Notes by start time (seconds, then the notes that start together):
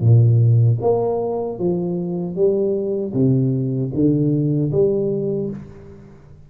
0.00 A#2
0.81 A#3
1.58 F3
2.35 G3
3.13 C3
3.93 D3
4.71 G3